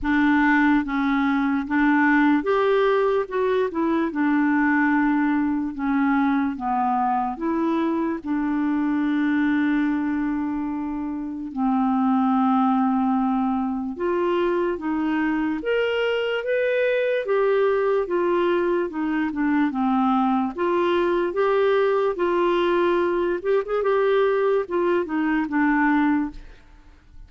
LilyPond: \new Staff \with { instrumentName = "clarinet" } { \time 4/4 \tempo 4 = 73 d'4 cis'4 d'4 g'4 | fis'8 e'8 d'2 cis'4 | b4 e'4 d'2~ | d'2 c'2~ |
c'4 f'4 dis'4 ais'4 | b'4 g'4 f'4 dis'8 d'8 | c'4 f'4 g'4 f'4~ | f'8 g'16 gis'16 g'4 f'8 dis'8 d'4 | }